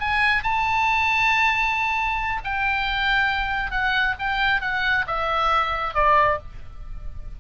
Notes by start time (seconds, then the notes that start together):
0.00 G#5
0.43 A5
2.44 G5
3.71 F#5
4.19 G5
4.61 F#5
5.07 E5
5.94 D5